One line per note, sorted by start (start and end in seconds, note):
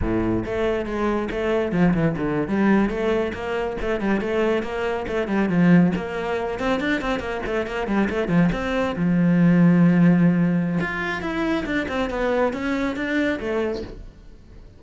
0.01 0.44 A2
0.45 0.85 A3
0.85 1.28 G#3
1.30 1.71 A3
1.71 1.93 F3
1.94 2.15 E3
2.16 2.48 D3
2.48 2.89 G3
2.89 3.32 A3
3.33 3.76 A#3
3.81 4.00 A3
4.00 4.21 G3
4.21 4.63 A3
4.63 5.06 A#3
5.07 5.27 A3
5.27 5.49 G3
5.49 5.92 F3
5.95 6.59 A#3
6.59 6.80 C4
6.80 7.01 D4
7.01 7.19 C4
7.19 7.41 A#3
7.45 7.66 A3
7.66 7.87 A#3
7.87 8.08 G3
8.09 8.28 A3
8.28 8.49 F3
8.52 8.95 C4
8.95 10.79 F3
10.80 11.21 F4
11.21 11.64 E4
11.65 11.87 D4
11.88 12.10 C4
12.10 12.53 B3
12.53 12.96 C#4
12.96 13.39 D4
13.39 13.82 A3